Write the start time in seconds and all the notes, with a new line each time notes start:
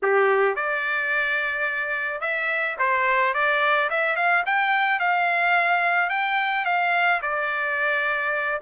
0.02 G4
0.55 D5
2.20 E5
2.78 C5
3.34 D5
3.90 E5
4.15 F5
4.46 G5
4.99 F5
6.09 G5
6.65 F5
7.22 D5